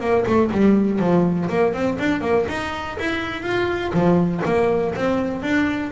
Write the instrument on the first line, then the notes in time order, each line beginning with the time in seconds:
double bass
0.00 A#3
0.26 A3
0.52 G3
0.99 F3
1.49 A#3
1.73 C4
1.98 D4
2.21 A#3
2.48 D#4
2.99 E4
3.42 F4
3.93 F3
4.45 A#3
4.95 C4
5.42 D4